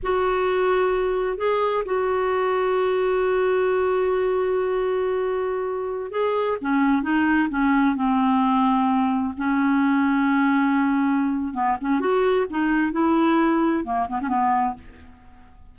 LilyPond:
\new Staff \with { instrumentName = "clarinet" } { \time 4/4 \tempo 4 = 130 fis'2. gis'4 | fis'1~ | fis'1~ | fis'4~ fis'16 gis'4 cis'4 dis'8.~ |
dis'16 cis'4 c'2~ c'8.~ | c'16 cis'2.~ cis'8.~ | cis'4 b8 cis'8 fis'4 dis'4 | e'2 ais8 b16 cis'16 b4 | }